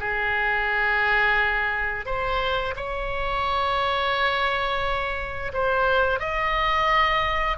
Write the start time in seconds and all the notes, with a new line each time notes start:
0.00 G#4
2.06 C5
2.76 C#5
5.53 C5
6.20 D#5